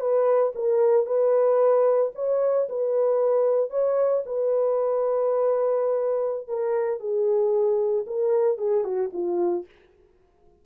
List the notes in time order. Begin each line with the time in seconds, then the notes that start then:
0.00 B4
0.55 A#4
1.06 B4
2.15 C#5
2.69 B4
3.70 C#5
4.26 B4
6.48 A#4
7.00 G#4
8.06 A#4
8.58 G#4
8.84 F#4
9.13 F4